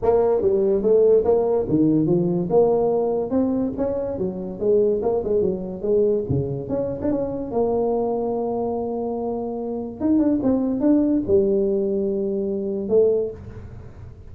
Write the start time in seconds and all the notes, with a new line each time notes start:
0.02 A#3
0.41 G3
0.82 A3
1.24 A#3
1.69 D#3
2.06 F3
2.50 A#3
3.30 C4
3.77 C#4
4.18 F#3
4.59 G#3
5.02 A#3
5.24 G#3
5.41 F#3
5.82 G#3
6.29 C#3
6.68 C#4
7.01 D4
7.11 C#4
7.51 A#3
10.00 D#4
10.18 D4
10.43 C4
10.80 D4
11.27 G3
12.88 A3